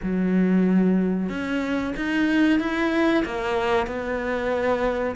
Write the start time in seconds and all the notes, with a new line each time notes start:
0.02 F#3
1.29 C#4
1.96 D#4
2.59 E4
3.25 A#3
3.86 B3